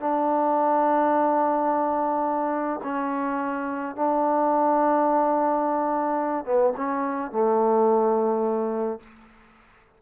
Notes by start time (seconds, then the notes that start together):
0.00 D4
2.84 C#4
3.96 D4
6.45 B3
6.77 C#4
7.32 A3